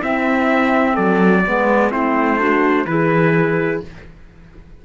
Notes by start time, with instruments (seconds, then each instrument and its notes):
0.00 clarinet C4, cello C4, horn E4, trumpet E5
0.94 cello F#3, horn A4, trumpet D5
1.46 cello G#3, clarinet B3, horn B4
1.91 cello A3, clarinet C4, horn E4, trumpet C5
2.38 clarinet D4, horn F#4
2.85 cello E3, clarinet E4, horn G#4, trumpet B4